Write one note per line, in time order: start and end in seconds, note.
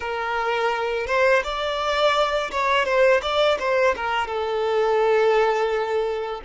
0.00 1.06 A#4
1.06 1.42 C5
1.43 2.50 D5
2.51 2.85 C#5
2.85 3.20 C5
3.22 3.57 D5
3.59 3.94 C5
3.96 4.27 A#4
4.27 6.41 A4